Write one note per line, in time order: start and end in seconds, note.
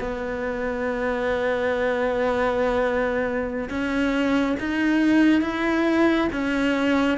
0.00 3.70 B3
3.70 4.57 C#4
4.60 5.42 D#4
5.42 6.29 E4
6.33 7.18 C#4